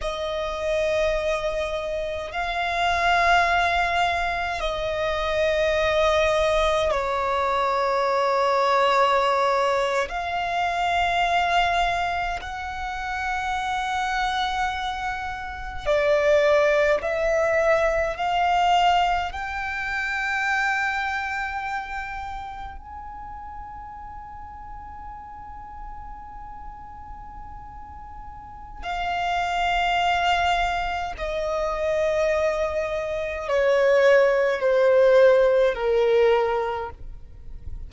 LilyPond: \new Staff \with { instrumentName = "violin" } { \time 4/4 \tempo 4 = 52 dis''2 f''2 | dis''2 cis''2~ | cis''8. f''2 fis''4~ fis''16~ | fis''4.~ fis''16 d''4 e''4 f''16~ |
f''8. g''2. gis''16~ | gis''1~ | gis''4 f''2 dis''4~ | dis''4 cis''4 c''4 ais'4 | }